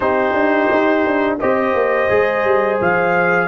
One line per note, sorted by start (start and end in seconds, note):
0.00 0.32 C4
0.00 1.38 D#4
0.00 1.39 G4
0.00 1.37 C5
0.32 0.67 D4
0.70 1.05 D#4
1.05 1.40 D4
1.39 1.73 C4
1.39 2.09 G4
1.39 3.48 C5
1.39 2.79 D#5
1.73 2.08 A#3
2.09 2.44 G#3
2.09 3.48 G#4
2.44 2.79 G3
2.81 3.48 F3
2.81 3.48 F5